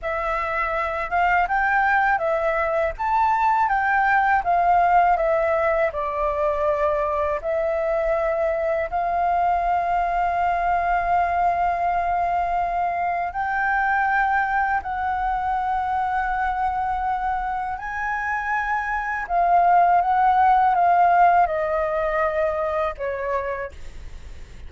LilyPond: \new Staff \with { instrumentName = "flute" } { \time 4/4 \tempo 4 = 81 e''4. f''8 g''4 e''4 | a''4 g''4 f''4 e''4 | d''2 e''2 | f''1~ |
f''2 g''2 | fis''1 | gis''2 f''4 fis''4 | f''4 dis''2 cis''4 | }